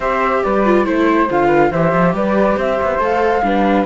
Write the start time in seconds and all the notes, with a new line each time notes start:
0.00 C4 G4 C5 E5
0.43 G3 B4 D5
0.65 F4
0.84 A3 E4 C5
1.30 D3 F4 F5
1.47 B4
1.71 E3 G4 C5 E5
1.92 F3
2.13 G3 B4 D5
2.57 C4 C5 E5
2.82 B3
2.98 A3 A4 F5
3.42 G3 D4 B4